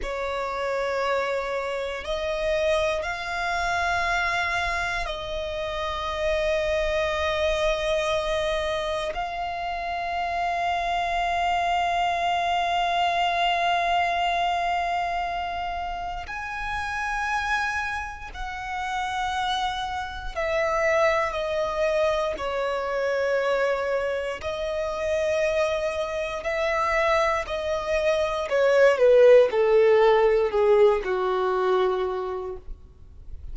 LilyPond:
\new Staff \with { instrumentName = "violin" } { \time 4/4 \tempo 4 = 59 cis''2 dis''4 f''4~ | f''4 dis''2.~ | dis''4 f''2.~ | f''1 |
gis''2 fis''2 | e''4 dis''4 cis''2 | dis''2 e''4 dis''4 | cis''8 b'8 a'4 gis'8 fis'4. | }